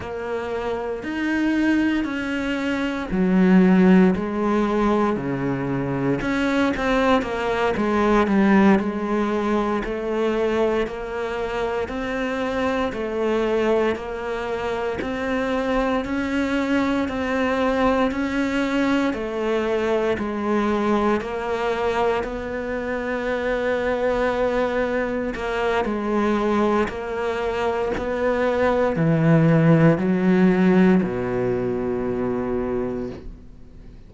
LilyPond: \new Staff \with { instrumentName = "cello" } { \time 4/4 \tempo 4 = 58 ais4 dis'4 cis'4 fis4 | gis4 cis4 cis'8 c'8 ais8 gis8 | g8 gis4 a4 ais4 c'8~ | c'8 a4 ais4 c'4 cis'8~ |
cis'8 c'4 cis'4 a4 gis8~ | gis8 ais4 b2~ b8~ | b8 ais8 gis4 ais4 b4 | e4 fis4 b,2 | }